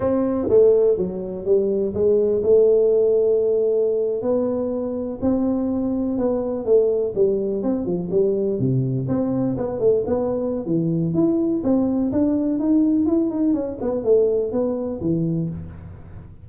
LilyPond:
\new Staff \with { instrumentName = "tuba" } { \time 4/4 \tempo 4 = 124 c'4 a4 fis4 g4 | gis4 a2.~ | a8. b2 c'4~ c'16~ | c'8. b4 a4 g4 c'16~ |
c'16 f8 g4 c4 c'4 b16~ | b16 a8 b4~ b16 e4 e'4 | c'4 d'4 dis'4 e'8 dis'8 | cis'8 b8 a4 b4 e4 | }